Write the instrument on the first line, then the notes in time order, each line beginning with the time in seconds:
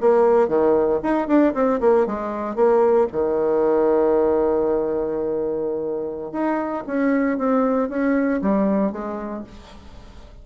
bassoon
0.00 A#3
0.48 D#3
1.03 D#4
1.27 D4
1.54 C4
1.80 A#3
2.06 G#3
2.55 A#3
3.12 D#3
6.32 D#4
6.87 C#4
7.38 C4
7.89 C#4
8.41 G3
8.92 G#3